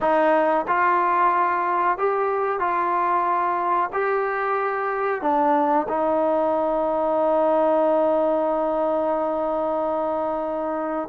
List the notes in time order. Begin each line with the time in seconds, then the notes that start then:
0.00 D#4
0.67 F4
1.97 G4
2.59 F4
3.92 G4
5.21 D4
5.88 D#4